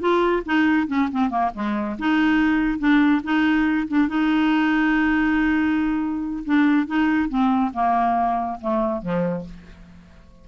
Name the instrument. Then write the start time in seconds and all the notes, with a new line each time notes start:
clarinet
0.00 F4
0.46 D#4
0.87 C#4
1.12 C4
1.30 A#3
1.54 G#3
1.99 D#4
2.79 D4
3.24 D#4
3.88 D4
4.09 D#4
6.45 D4
6.87 D#4
7.29 C4
7.74 A#3
8.61 A3
9.02 F3